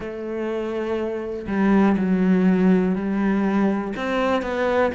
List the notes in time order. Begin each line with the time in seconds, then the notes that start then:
0.00 A3
1.47 G3
1.97 F#3
2.95 G3
3.96 C4
4.42 B3